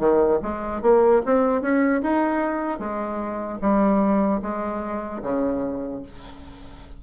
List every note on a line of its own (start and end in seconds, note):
0.00 0.40 D#3
0.43 0.83 G#3
0.83 1.23 A#3
1.26 1.62 C4
1.62 2.02 C#4
2.03 2.80 D#4
2.80 3.60 G#3
3.62 4.42 G3
4.43 5.23 G#3
5.23 6.03 C#3